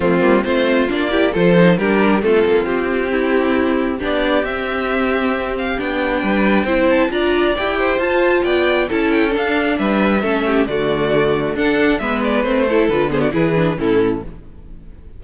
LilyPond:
<<
  \new Staff \with { instrumentName = "violin" } { \time 4/4 \tempo 4 = 135 f'4 c''4 d''4 c''4 | ais'4 a'4 g'2~ | g'4 d''4 e''2~ | e''8 f''8 g''2~ g''8 a''8 |
ais''4 g''4 a''4 g''4 | a''8 g''8 f''4 e''2 | d''2 fis''4 e''8 d''8 | c''4 b'8 c''16 d''16 b'4 a'4 | }
  \new Staff \with { instrumentName = "violin" } { \time 4/4 c'4 f'4. g'8 a'4 | g'4 f'2 e'4~ | e'4 g'2.~ | g'2 b'4 c''4 |
d''4. c''4. d''4 | a'2 b'4 a'8 g'8 | fis'2 a'4 b'4~ | b'8 a'4 gis'16 fis'16 gis'4 e'4 | }
  \new Staff \with { instrumentName = "viola" } { \time 4/4 a8 ais8 c'4 d'8 e'8 f'8 dis'8 | d'4 c'2.~ | c'4 d'4 c'2~ | c'4 d'2 e'4 |
f'4 g'4 f'2 | e'4 d'2 cis'4 | a2 d'4 b4 | c'8 e'8 f'8 b8 e'8 d'8 cis'4 | }
  \new Staff \with { instrumentName = "cello" } { \time 4/4 f8 g8 a4 ais4 f4 | g4 a8 ais8 c'2~ | c'4 b4 c'2~ | c'4 b4 g4 c'4 |
d'4 e'4 f'4 b4 | cis'4 d'4 g4 a4 | d2 d'4 gis4 | a4 d4 e4 a,4 | }
>>